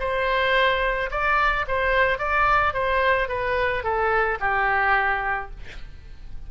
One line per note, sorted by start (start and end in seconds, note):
0.00 1.10 C5
1.11 1.66 D5
1.68 2.19 C5
2.19 2.74 D5
2.74 3.29 C5
3.29 3.84 B4
3.84 4.39 A4
4.40 5.50 G4